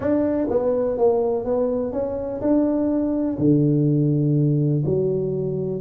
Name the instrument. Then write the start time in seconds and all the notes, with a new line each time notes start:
tuba
0.00 D4
0.50 B3
0.97 A#3
1.45 B3
1.92 C#4
2.41 D4
3.38 D3
4.85 F#3